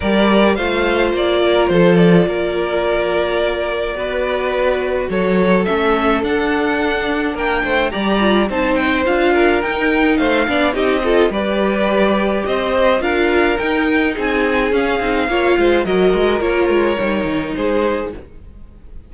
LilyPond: <<
  \new Staff \with { instrumentName = "violin" } { \time 4/4 \tempo 4 = 106 d''4 f''4 d''4 c''8 d''8~ | d''1~ | d''4 cis''4 e''4 fis''4~ | fis''4 g''4 ais''4 a''8 g''8 |
f''4 g''4 f''4 dis''4 | d''2 dis''4 f''4 | g''4 gis''4 f''2 | dis''4 cis''2 c''4 | }
  \new Staff \with { instrumentName = "violin" } { \time 4/4 ais'4 c''4. ais'8 a'4 | ais'2. b'4~ | b'4 a'2.~ | a'4 ais'8 c''8 d''4 c''4~ |
c''8 ais'4. c''8 d''8 g'8 a'8 | b'2 c''4 ais'4~ | ais'4 gis'2 cis''8 c''8 | ais'2. gis'4 | }
  \new Staff \with { instrumentName = "viola" } { \time 4/4 g'4 f'2.~ | f'2. fis'4~ | fis'2 cis'4 d'4~ | d'2 g'8 f'8 dis'4 |
f'4 dis'4. d'8 dis'8 f'8 | g'2. f'4 | dis'2 cis'8 dis'8 f'4 | fis'4 f'4 dis'2 | }
  \new Staff \with { instrumentName = "cello" } { \time 4/4 g4 a4 ais4 f4 | ais2. b4~ | b4 fis4 a4 d'4~ | d'4 ais8 a8 g4 c'4 |
d'4 dis'4 a8 b8 c'4 | g2 c'4 d'4 | dis'4 c'4 cis'8 c'8 ais8 gis8 | fis8 gis8 ais8 gis8 g8 dis8 gis4 | }
>>